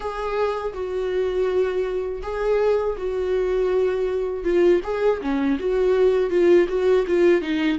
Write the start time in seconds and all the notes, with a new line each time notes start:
0.00 G#4
0.73 F#4
2.22 G#4
2.97 F#4
4.43 F4
4.83 G#4
5.21 C#4
5.59 F#4
6.30 F4
6.68 F#4
7.07 F4
7.41 D#4